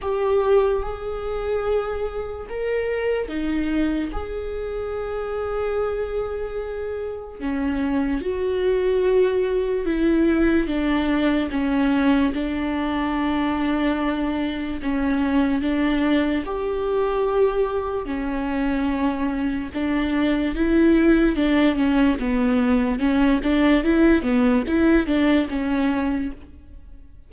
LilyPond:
\new Staff \with { instrumentName = "viola" } { \time 4/4 \tempo 4 = 73 g'4 gis'2 ais'4 | dis'4 gis'2.~ | gis'4 cis'4 fis'2 | e'4 d'4 cis'4 d'4~ |
d'2 cis'4 d'4 | g'2 cis'2 | d'4 e'4 d'8 cis'8 b4 | cis'8 d'8 e'8 b8 e'8 d'8 cis'4 | }